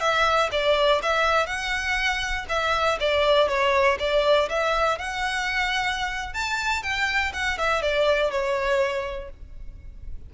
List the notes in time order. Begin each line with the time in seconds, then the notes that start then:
0.00 E5
0.51 D5
1.02 E5
1.46 F#5
2.48 E5
3.00 D5
3.48 C#5
3.99 D5
4.49 E5
4.98 F#5
6.33 A5
6.82 G5
7.33 F#5
7.58 E5
7.82 D5
8.30 C#5